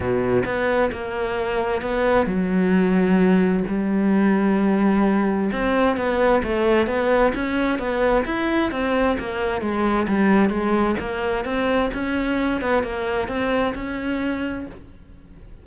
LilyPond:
\new Staff \with { instrumentName = "cello" } { \time 4/4 \tempo 4 = 131 b,4 b4 ais2 | b4 fis2. | g1 | c'4 b4 a4 b4 |
cis'4 b4 e'4 c'4 | ais4 gis4 g4 gis4 | ais4 c'4 cis'4. b8 | ais4 c'4 cis'2 | }